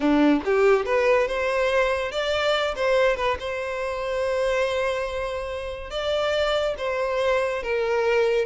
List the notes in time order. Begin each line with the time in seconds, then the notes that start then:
0.00 D4
0.44 G4
0.85 B4
1.27 C5
2.11 D5
2.75 C5
3.16 B4
3.39 C5
5.90 D5
6.78 C5
7.62 A#4